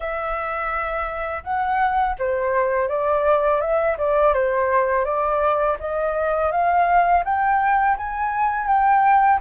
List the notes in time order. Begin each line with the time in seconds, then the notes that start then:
0.00 E5
1.43 F#5
2.19 C5
2.88 D5
3.60 E5
3.98 D5
4.33 C5
5.04 D5
5.79 D#5
6.51 F5
7.24 G5
7.97 G#5
8.67 G5